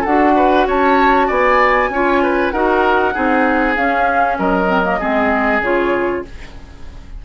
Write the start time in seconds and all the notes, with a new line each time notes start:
0.00 D4 A4 F#5
0.07 F#4
0.36 B4
0.67 C#4 C#5 A5
1.27 B3 D5 G#5
1.89 C#4 F4 C#5
2.22 B4
2.51 D#4 F#4 A#4 F#5
3.13 C4 D#4 G#4
3.75 C#4 F5
4.38 F#3 A#4 D#5
4.67 C4
4.83 A#3
4.99 G#3 C4 G#4
5.60 C#3 F4 C#5